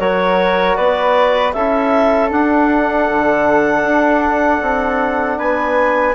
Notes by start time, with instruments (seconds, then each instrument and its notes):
0.00 bassoon F#3, trombone F#4, flute A#4, clarinet C#5
0.76 bassoon B3, flute B4, clarinet D5
1.53 bassoon C#4, trombone E4, flute A4, clarinet E5
2.30 trombone D4, bassoon D4, clarinet F#5
3.11 bassoon D3
3.84 bassoon D4
4.62 bassoon C4
5.38 bassoon B3, flute B4, clarinet G#5